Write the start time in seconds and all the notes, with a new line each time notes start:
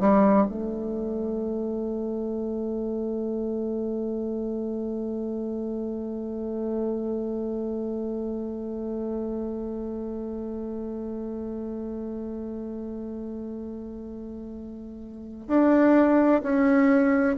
0.00 G3
0.49 A3
15.48 D4
16.43 C#4